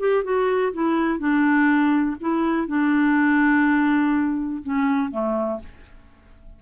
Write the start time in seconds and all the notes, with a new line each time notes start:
0.00 G4
0.24 F#4
0.73 E4
1.19 D4
2.21 E4
2.68 D4
4.63 C#4
5.12 A3